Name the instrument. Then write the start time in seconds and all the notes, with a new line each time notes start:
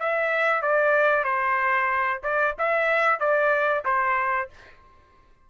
trumpet
0.00 E5
0.62 D5
1.25 C5
2.23 D5
2.59 E5
3.20 D5
3.85 C5